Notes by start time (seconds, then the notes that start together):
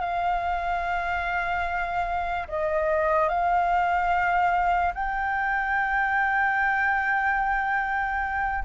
0.00 F5
2.48 D#5
3.28 F5
4.94 G5